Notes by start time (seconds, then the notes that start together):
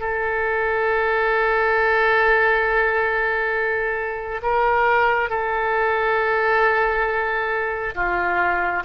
0.00 A4
4.42 A#4
5.29 A4
7.95 F4